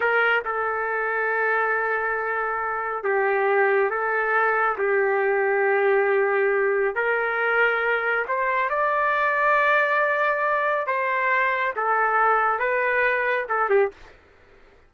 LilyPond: \new Staff \with { instrumentName = "trumpet" } { \time 4/4 \tempo 4 = 138 ais'4 a'2.~ | a'2. g'4~ | g'4 a'2 g'4~ | g'1 |
ais'2. c''4 | d''1~ | d''4 c''2 a'4~ | a'4 b'2 a'8 g'8 | }